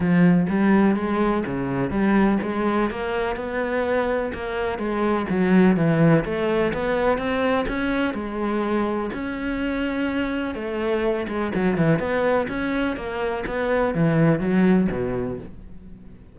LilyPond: \new Staff \with { instrumentName = "cello" } { \time 4/4 \tempo 4 = 125 f4 g4 gis4 cis4 | g4 gis4 ais4 b4~ | b4 ais4 gis4 fis4 | e4 a4 b4 c'4 |
cis'4 gis2 cis'4~ | cis'2 a4. gis8 | fis8 e8 b4 cis'4 ais4 | b4 e4 fis4 b,4 | }